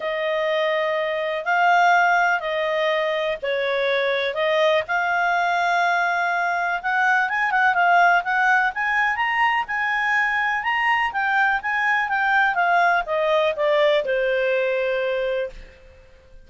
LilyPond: \new Staff \with { instrumentName = "clarinet" } { \time 4/4 \tempo 4 = 124 dis''2. f''4~ | f''4 dis''2 cis''4~ | cis''4 dis''4 f''2~ | f''2 fis''4 gis''8 fis''8 |
f''4 fis''4 gis''4 ais''4 | gis''2 ais''4 g''4 | gis''4 g''4 f''4 dis''4 | d''4 c''2. | }